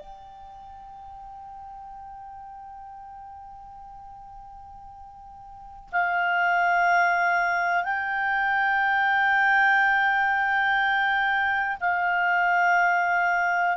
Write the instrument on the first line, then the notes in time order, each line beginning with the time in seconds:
clarinet
0.00 G5
5.92 F5
7.85 G5
11.81 F5